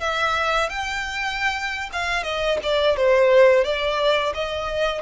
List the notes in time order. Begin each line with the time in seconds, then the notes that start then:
0.00 E5
0.69 G5
1.92 F5
2.24 D#5
2.63 D5
2.97 C5
3.64 D5
4.34 D#5